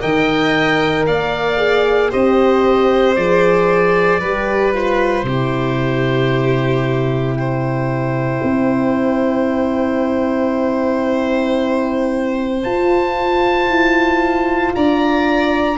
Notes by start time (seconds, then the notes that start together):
0.00 D#3 A#4 D#5 G5
1.07 A#3 D5 F5
1.58 G#4
2.11 C4 G4 C5 D#5
3.16 F3 G#4 D5
4.20 G3 G4 B4
4.73 F4 C5
5.24 C3 E4 G4
7.36 C5 G5
8.43 C4
12.64 F4 A5
13.68 E4
14.75 D4 D5 A#5